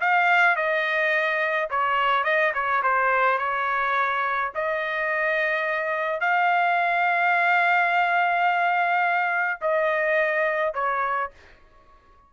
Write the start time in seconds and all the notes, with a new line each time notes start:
0.00 F5
0.56 D#5
1.70 C#5
2.24 D#5
2.54 C#5
2.83 C5
3.38 C#5
4.55 D#5
6.20 F5
9.61 D#5
10.74 C#5